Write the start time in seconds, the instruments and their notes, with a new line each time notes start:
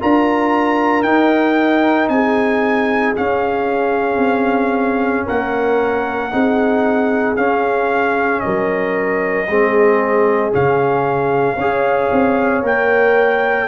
0.00 tuba D4, trombone F4, horn A#4, trumpet A#5
1.03 tuba D#4, trombone D#4, trumpet G5
2.09 tuba C4, horn G#4, trumpet G#5
3.16 trombone C#4, tuba C#4, trumpet F5
4.17 tuba C4
5.27 tuba A#3, horn A#4, trumpet F#5
6.31 tuba C4, trombone D#4, horn G#4
7.37 trombone C#4, tuba C#4, trumpet F5
8.40 tuba F#3, horn A#4, trumpet D#5
9.48 tuba G#3, trombone C4, horn G#4
10.52 tuba C#3, trombone C#4, trumpet F5
11.56 tuba C#4, trombone G#4, horn C#5
12.12 tuba C4
12.63 tuba A#3, trombone A#4, trumpet G5